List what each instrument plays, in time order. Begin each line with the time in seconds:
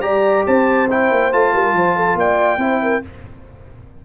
0.00 tuba G3, trombone G4, horn D5, trumpet A#5
0.47 tuba C4, horn C5, trumpet A5
0.90 trombone E4, trumpet G5
1.11 tuba A#3
1.33 tuba A3, trombone F4, trumpet A5
1.54 tuba G3, horn A#4
1.73 tuba F3, horn C5
1.96 horn A4
2.15 tuba A#3, horn D5, trumpet G5
2.58 tuba C4, trombone E4, horn C5
2.83 horn A#4